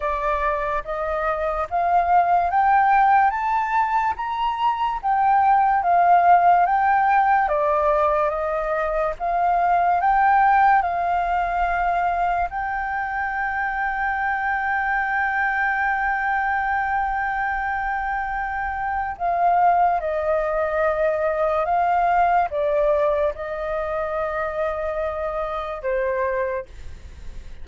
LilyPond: \new Staff \with { instrumentName = "flute" } { \time 4/4 \tempo 4 = 72 d''4 dis''4 f''4 g''4 | a''4 ais''4 g''4 f''4 | g''4 d''4 dis''4 f''4 | g''4 f''2 g''4~ |
g''1~ | g''2. f''4 | dis''2 f''4 d''4 | dis''2. c''4 | }